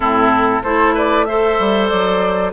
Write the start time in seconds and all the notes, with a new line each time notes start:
0.00 A2 C4 E4 A4
0.63 A3 E4 A4 C5
0.94 B4 D5
1.24 A4 C5 E5
1.59 G3
1.88 F#3 D5